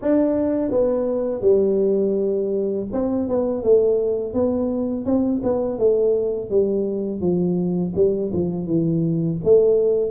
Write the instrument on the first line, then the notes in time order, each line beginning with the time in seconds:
tuba
0.01 D4
0.70 B3
1.41 G3
2.92 C4
3.28 B3
3.63 A3
4.33 B3
5.05 C4
5.42 B3
5.78 A3
6.50 G3
7.20 F3
7.95 G3
8.33 F3
8.66 E3
9.43 A3